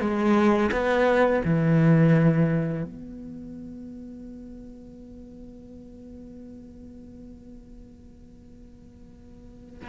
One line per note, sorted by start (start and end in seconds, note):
0.00 0.71 G#3
0.72 1.42 B3
1.45 2.84 E3
2.84 9.89 B3